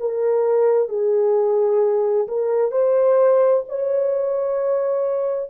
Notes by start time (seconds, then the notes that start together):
0.00 A#4
0.89 G#4
2.28 A#4
2.71 C5
3.69 C#5